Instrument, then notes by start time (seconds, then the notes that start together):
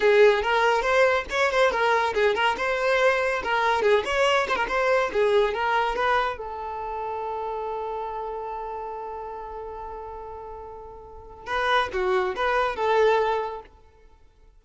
violin
0.00 G#4
0.42 A#4
0.81 C5
1.30 C#5
1.51 C5
1.71 A#4
2.14 G#4
2.34 A#4
2.57 C5
3.43 A#4
3.81 G#4
4.04 C#5
4.48 C5
4.56 A#4
4.68 C5
5.12 G#4
5.53 A#4
5.95 B4
6.37 A4
11.46 B4
11.92 F#4
12.35 B4
12.76 A4